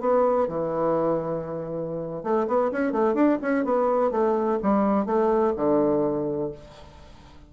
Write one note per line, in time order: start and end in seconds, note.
0.00 0.48 B3
0.48 2.23 E3
2.23 2.47 A3
2.47 2.71 B3
2.71 2.92 C#4
2.92 3.14 A3
3.14 3.38 D4
3.42 3.64 C#4
3.64 4.11 B3
4.11 4.58 A3
4.63 5.06 G3
5.06 5.53 A3
5.56 6.51 D3